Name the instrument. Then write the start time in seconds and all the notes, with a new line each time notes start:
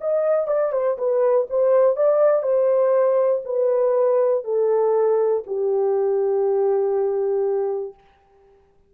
horn
0.00 D#5
0.47 D5
0.72 C5
0.98 B4
1.50 C5
1.96 D5
2.42 C5
3.44 B4
4.44 A4
5.46 G4